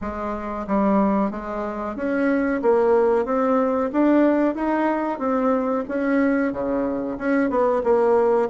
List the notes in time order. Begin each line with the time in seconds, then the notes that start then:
0.01 G#3
0.67 G3
1.30 G#3
1.96 C#4
2.61 A#3
3.25 C4
3.92 D4
4.54 D#4
5.18 C4
5.88 C#4
6.52 C#3
7.18 C#4
7.49 B3
7.83 A#3